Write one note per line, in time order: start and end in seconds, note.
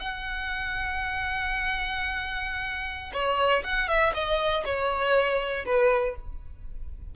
0.00 3.12 F#5
3.14 3.64 C#5
3.64 3.88 F#5
3.88 4.13 E5
4.14 4.64 D#5
4.65 5.65 C#5
5.66 6.16 B4